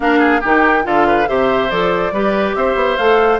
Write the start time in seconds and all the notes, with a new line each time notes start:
0.00 A#3 D4 A#4 F5
0.19 G#4
0.40 D#3 D#4 G4 G5
0.83 D3 F4 A4 F5
1.07 B4
1.26 C3 G4 C5 E5
1.70 F3 A4 D5
2.12 G3 G4 B4
2.55 C4 C5 E5
2.75 B3
2.96 A3 A4 F5